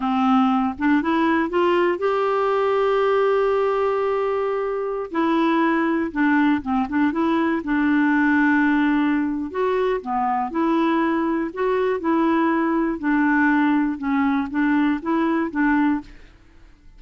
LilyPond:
\new Staff \with { instrumentName = "clarinet" } { \time 4/4 \tempo 4 = 120 c'4. d'8 e'4 f'4 | g'1~ | g'2~ g'16 e'4.~ e'16~ | e'16 d'4 c'8 d'8 e'4 d'8.~ |
d'2. fis'4 | b4 e'2 fis'4 | e'2 d'2 | cis'4 d'4 e'4 d'4 | }